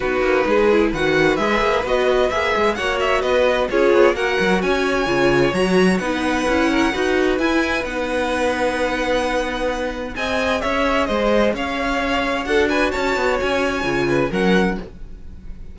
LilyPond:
<<
  \new Staff \with { instrumentName = "violin" } { \time 4/4 \tempo 4 = 130 b'2 fis''4 e''4 | dis''4 e''4 fis''8 e''8 dis''4 | cis''4 fis''4 gis''2 | ais''4 fis''2. |
gis''4 fis''2.~ | fis''2 gis''4 e''4 | dis''4 f''2 fis''8 gis''8 | a''4 gis''2 fis''4 | }
  \new Staff \with { instrumentName = "violin" } { \time 4/4 fis'4 gis'4 b'2~ | b'2 cis''4 b'4 | gis'4 ais'4 cis''2~ | cis''4 b'4. ais'8 b'4~ |
b'1~ | b'2 dis''4 cis''4 | c''4 cis''2 a'8 b'8 | cis''2~ cis''8 b'8 ais'4 | }
  \new Staff \with { instrumentName = "viola" } { \time 4/4 dis'4. e'8 fis'4 gis'4 | fis'4 gis'4 fis'2 | f'4 fis'2 f'4 | fis'4 dis'4 e'4 fis'4 |
e'4 dis'2.~ | dis'2 gis'2~ | gis'2. fis'4~ | fis'2 f'4 cis'4 | }
  \new Staff \with { instrumentName = "cello" } { \time 4/4 b8 ais8 gis4 dis4 gis8 ais8 | b4 ais8 gis8 ais4 b4 | cis'8 b8 ais8 fis8 cis'4 cis4 | fis4 b4 cis'4 dis'4 |
e'4 b2.~ | b2 c'4 cis'4 | gis4 cis'2 d'4 | cis'8 b8 cis'4 cis4 fis4 | }
>>